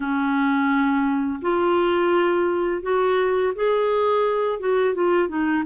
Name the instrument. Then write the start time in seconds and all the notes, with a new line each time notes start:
clarinet
0.00 C#4
1.41 F4
2.82 F#4
3.55 G#4
4.59 F#4
4.94 F4
5.28 D#4